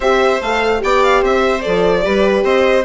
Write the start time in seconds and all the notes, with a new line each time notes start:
0.00 C4 G4 C5 E5
0.41 A3 A4 F5
0.78 B3 G4 D5 G5
1.03 F5
1.21 C4 C5 E5
1.61 F3 A4 D5
2.02 G3 G4 B4
2.43 C4 C5 D#5